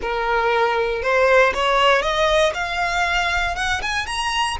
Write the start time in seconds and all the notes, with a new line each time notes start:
0.01 A#4
1.02 C5
1.54 C#5
2.02 D#5
2.54 F5
3.55 F#5
3.82 G#5
4.06 A#5